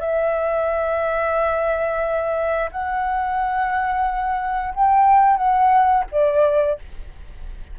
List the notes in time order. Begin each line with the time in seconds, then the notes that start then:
0.00 E5
2.72 F#5
4.74 G5
5.37 F#5
6.12 D5